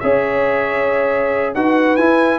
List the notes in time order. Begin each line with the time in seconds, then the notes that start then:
0.00 C#4 G#4 C#5 E5
1.54 D#4 F#4 B4 F#5
1.97 E4 G#5